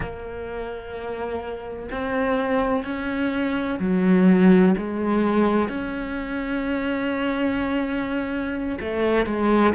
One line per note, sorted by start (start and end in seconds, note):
0.00 1.89 A#3
1.90 2.84 C4
2.84 3.79 C#4
3.79 4.74 F#3
4.77 5.68 G#3
5.68 8.78 C#4
8.80 9.26 A3
9.26 9.73 G#3